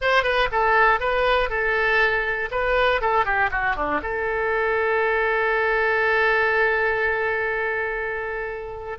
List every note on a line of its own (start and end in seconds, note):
0.01 0.23 C5
0.23 0.48 B4
0.51 1.00 A4
1.00 1.49 B4
1.49 2.49 A4
2.51 3.01 B4
3.01 3.25 A4
3.25 3.50 G4
3.51 3.75 F#4
3.75 4.00 D4
4.02 8.98 A4